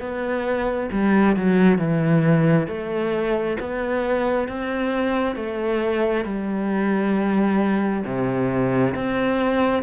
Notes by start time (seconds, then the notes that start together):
0.00 B3
0.92 G3
1.36 F#3
1.78 E3
2.67 A3
3.60 B3
4.48 C4
5.36 A3
6.25 G3
8.05 C3
8.95 C4